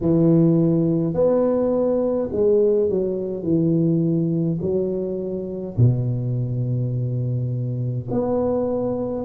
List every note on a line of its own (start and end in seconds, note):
0.01 1.13 E3
1.13 2.29 B3
2.32 2.89 G#3
2.89 3.42 F#3
3.42 4.58 E3
4.61 5.76 F#3
5.77 8.08 B2
8.11 9.24 B3